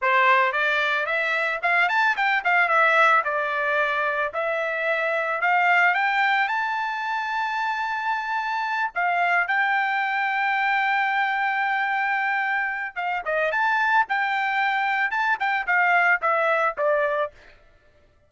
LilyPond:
\new Staff \with { instrumentName = "trumpet" } { \time 4/4 \tempo 4 = 111 c''4 d''4 e''4 f''8 a''8 | g''8 f''8 e''4 d''2 | e''2 f''4 g''4 | a''1~ |
a''8 f''4 g''2~ g''8~ | g''1 | f''8 dis''8 a''4 g''2 | a''8 g''8 f''4 e''4 d''4 | }